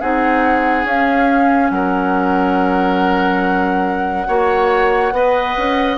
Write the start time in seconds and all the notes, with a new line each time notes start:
0.00 C4 D#4 G#4 F#5
0.84 C#4 F5
1.70 F#3 A#4 F#5
4.27 A#3 F#4 C#5
5.12 B3 B4 D#5
5.57 C#4